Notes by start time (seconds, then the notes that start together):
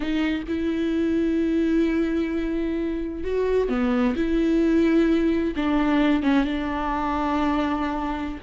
0.00 D#4
0.47 E4
3.23 F#4
3.68 B3
4.16 E4
5.56 D4
6.22 C#4
6.44 D4